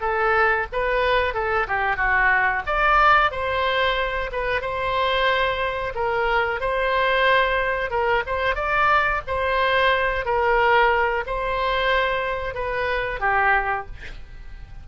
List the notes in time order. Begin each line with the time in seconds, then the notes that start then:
0.00 A4
0.72 B4
1.34 A4
1.68 G4
1.96 F#4
2.66 D5
3.31 C5
4.32 B4
4.61 C5
5.95 A#4
6.60 C5
7.90 A#4
8.26 C5
8.55 D5
9.27 C5
10.25 A#4
11.26 C5
12.54 B4
13.20 G4